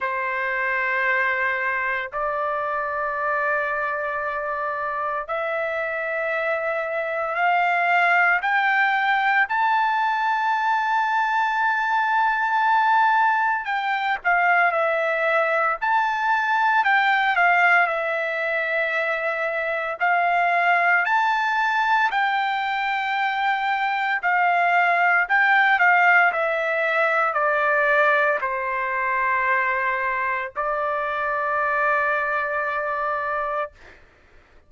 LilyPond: \new Staff \with { instrumentName = "trumpet" } { \time 4/4 \tempo 4 = 57 c''2 d''2~ | d''4 e''2 f''4 | g''4 a''2.~ | a''4 g''8 f''8 e''4 a''4 |
g''8 f''8 e''2 f''4 | a''4 g''2 f''4 | g''8 f''8 e''4 d''4 c''4~ | c''4 d''2. | }